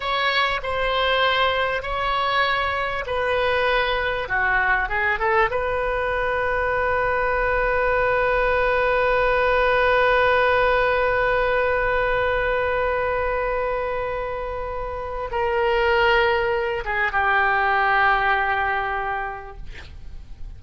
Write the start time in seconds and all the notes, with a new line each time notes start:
0.00 C#5
0.62 C5
1.82 C#5
3.06 B4
4.28 F#4
4.88 G#4
5.19 A4
5.50 B4
15.31 A#4
16.85 G#4
17.11 G4